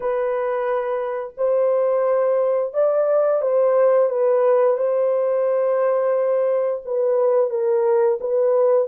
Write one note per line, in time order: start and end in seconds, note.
0.00 1.33 B4
1.37 2.73 C5
2.73 3.41 D5
3.41 4.09 C5
4.09 4.77 B4
4.77 6.82 C5
6.85 7.50 B4
7.50 8.18 A#4
8.20 8.88 B4